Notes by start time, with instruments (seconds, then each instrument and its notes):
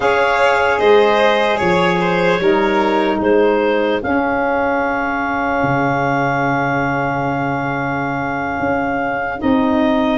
0.00 tuba C#4, saxophone G#4, violin C#5, clarinet F5
0.79 tuba G#3, violin C5, clarinet D#5
1.57 tuba F3, violin C#5, clarinet C#5
2.00 violin C5
2.39 tuba G3, saxophone D#4, violin A#4
3.18 tuba G#3, violin G#4, clarinet C5
4.01 saxophone C#4, tuba C#4, clarinet F5
5.62 tuba C#3
8.59 tuba C#4
9.38 tuba C4, saxophone D#4, clarinet D#5